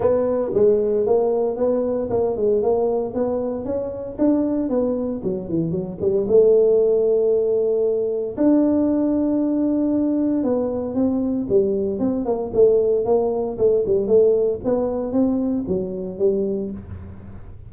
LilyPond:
\new Staff \with { instrumentName = "tuba" } { \time 4/4 \tempo 4 = 115 b4 gis4 ais4 b4 | ais8 gis8 ais4 b4 cis'4 | d'4 b4 fis8 e8 fis8 g8 | a1 |
d'1 | b4 c'4 g4 c'8 ais8 | a4 ais4 a8 g8 a4 | b4 c'4 fis4 g4 | }